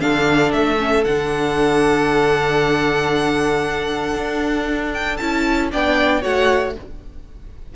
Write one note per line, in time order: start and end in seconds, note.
0.00 0.53 D3
0.00 0.78 D4
0.00 5.71 A4
0.00 0.52 F5
0.53 1.05 A3
0.53 1.04 E5
0.78 1.04 C#4
1.04 4.15 D3
1.04 5.21 D4
1.04 4.92 F#5
4.15 5.19 D4
4.94 5.17 G5
5.17 5.73 C#4
5.17 5.71 E4
5.17 5.69 A5
5.71 6.24 B3
5.71 6.22 D4
5.71 6.22 D5
5.71 6.23 G5
6.22 6.76 A3
6.22 6.74 F#4
6.22 6.74 C#5
6.22 6.75 F#5